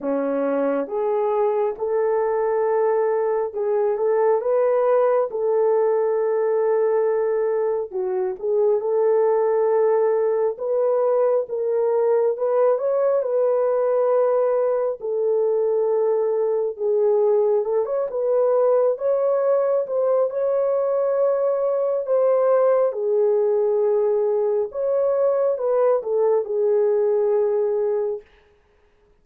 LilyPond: \new Staff \with { instrumentName = "horn" } { \time 4/4 \tempo 4 = 68 cis'4 gis'4 a'2 | gis'8 a'8 b'4 a'2~ | a'4 fis'8 gis'8 a'2 | b'4 ais'4 b'8 cis''8 b'4~ |
b'4 a'2 gis'4 | a'16 cis''16 b'4 cis''4 c''8 cis''4~ | cis''4 c''4 gis'2 | cis''4 b'8 a'8 gis'2 | }